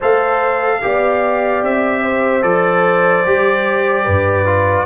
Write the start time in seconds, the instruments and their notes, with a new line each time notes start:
0.00 tuba A3, trombone A4, horn C5, trumpet F5
0.81 tuba B3, trombone G4, horn D5
1.62 tuba C4, trumpet E5
2.02 horn C5
2.42 tuba F3, trombone A4, trumpet D5
3.26 tuba G3, trombone G4
4.04 tuba G2, horn B4
4.46 trombone F4